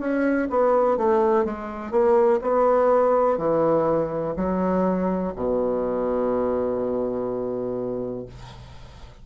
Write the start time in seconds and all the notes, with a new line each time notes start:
0.00 C#4
0.50 B3
0.98 A3
1.45 G#3
1.91 A#3
2.42 B3
3.38 E3
4.37 F#3
5.36 B2